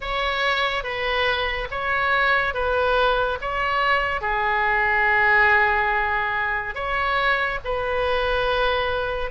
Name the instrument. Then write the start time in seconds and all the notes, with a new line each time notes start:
oboe
0.00 C#5
0.83 B4
1.70 C#5
2.54 B4
3.41 C#5
4.21 G#4
6.74 C#5
7.64 B4